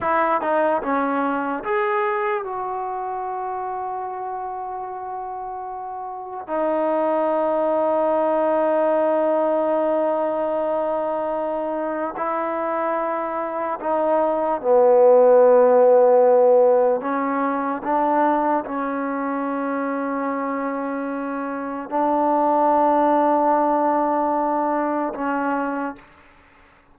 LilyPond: \new Staff \with { instrumentName = "trombone" } { \time 4/4 \tempo 4 = 74 e'8 dis'8 cis'4 gis'4 fis'4~ | fis'1 | dis'1~ | dis'2. e'4~ |
e'4 dis'4 b2~ | b4 cis'4 d'4 cis'4~ | cis'2. d'4~ | d'2. cis'4 | }